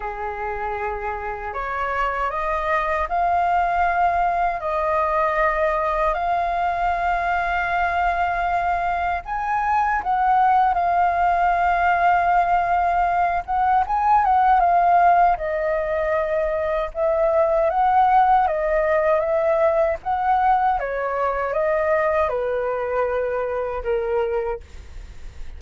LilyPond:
\new Staff \with { instrumentName = "flute" } { \time 4/4 \tempo 4 = 78 gis'2 cis''4 dis''4 | f''2 dis''2 | f''1 | gis''4 fis''4 f''2~ |
f''4. fis''8 gis''8 fis''8 f''4 | dis''2 e''4 fis''4 | dis''4 e''4 fis''4 cis''4 | dis''4 b'2 ais'4 | }